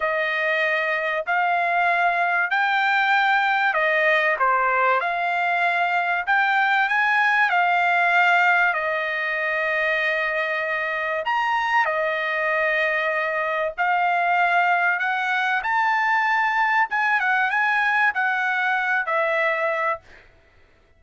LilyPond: \new Staff \with { instrumentName = "trumpet" } { \time 4/4 \tempo 4 = 96 dis''2 f''2 | g''2 dis''4 c''4 | f''2 g''4 gis''4 | f''2 dis''2~ |
dis''2 ais''4 dis''4~ | dis''2 f''2 | fis''4 a''2 gis''8 fis''8 | gis''4 fis''4. e''4. | }